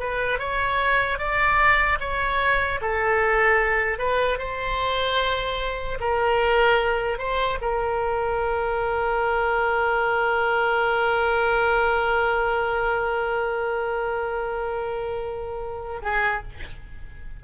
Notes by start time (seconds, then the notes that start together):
0.00 B4
0.39 C#5
1.19 D5
2.00 C#5
2.81 A4
3.99 B4
4.39 C5
6.00 A#4
7.19 C5
7.61 A#4
16.03 G#4